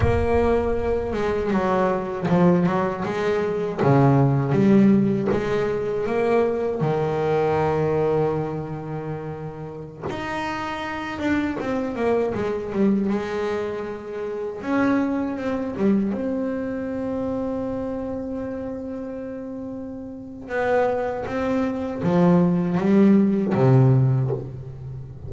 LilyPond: \new Staff \with { instrumentName = "double bass" } { \time 4/4 \tempo 4 = 79 ais4. gis8 fis4 f8 fis8 | gis4 cis4 g4 gis4 | ais4 dis2.~ | dis4~ dis16 dis'4. d'8 c'8 ais16~ |
ais16 gis8 g8 gis2 cis'8.~ | cis'16 c'8 g8 c'2~ c'8.~ | c'2. b4 | c'4 f4 g4 c4 | }